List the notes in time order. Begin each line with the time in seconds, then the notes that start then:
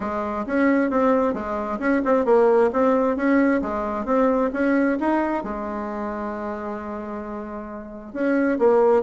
0.00 G#3
0.46 C#4
0.90 C4
1.33 G#3
1.79 C#4
2.04 C4
2.25 A#3
2.73 C4
3.16 C#4
3.61 G#3
4.05 C4
4.53 C#4
5.00 D#4
5.43 G#3
8.13 C#4
8.58 A#3